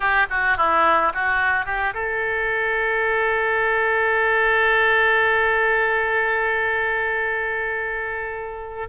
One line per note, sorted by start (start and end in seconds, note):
0.00 0.26 G4
0.30 0.57 F#4
0.57 1.12 E4
1.14 1.65 F#4
1.65 1.93 G4
1.94 8.88 A4